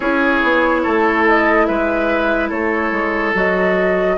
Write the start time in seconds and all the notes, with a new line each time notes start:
0.00 C#4 E4 G#4 C#5
0.43 B3
0.83 A3 A4
1.27 D#5
1.65 G#3 B4 E5
2.49 A3 A4 C#5
2.91 G#3
3.34 F#3 F#4 D#5